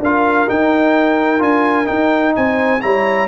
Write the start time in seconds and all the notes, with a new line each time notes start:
0.00 D4 F4 A#4 F5
0.47 D#4 G5
1.39 D4 F4 G#5
1.86 D#4 G5
2.36 C4 C5 G#5
2.82 G3 E4 C#5 A#5